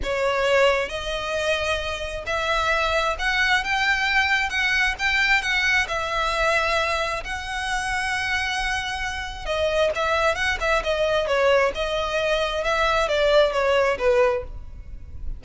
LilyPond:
\new Staff \with { instrumentName = "violin" } { \time 4/4 \tempo 4 = 133 cis''2 dis''2~ | dis''4 e''2 fis''4 | g''2 fis''4 g''4 | fis''4 e''2. |
fis''1~ | fis''4 dis''4 e''4 fis''8 e''8 | dis''4 cis''4 dis''2 | e''4 d''4 cis''4 b'4 | }